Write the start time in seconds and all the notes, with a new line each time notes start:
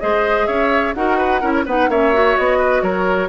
0.00 G#3 G#4 C5 D#5
0.46 C#4 C#5 E5
0.94 D#4 F#4 A#4 F#5
1.17 B4
1.41 C#4 E4 A#4
1.54 C#5
1.66 B3 D#4 B4 F#5
1.89 A#3 C#4 C#5 E5
2.13 F#4
2.37 B3 D#5
2.58 B4
2.82 F#3 A#4 C#5